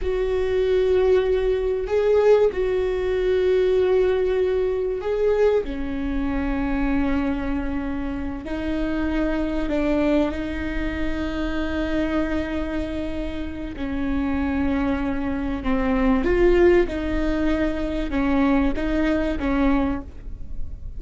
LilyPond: \new Staff \with { instrumentName = "viola" } { \time 4/4 \tempo 4 = 96 fis'2. gis'4 | fis'1 | gis'4 cis'2.~ | cis'4. dis'2 d'8~ |
d'8 dis'2.~ dis'8~ | dis'2 cis'2~ | cis'4 c'4 f'4 dis'4~ | dis'4 cis'4 dis'4 cis'4 | }